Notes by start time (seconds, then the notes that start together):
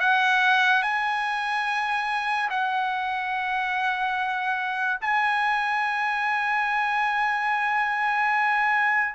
0.00 F#5
0.82 G#5
2.50 F#5
5.01 G#5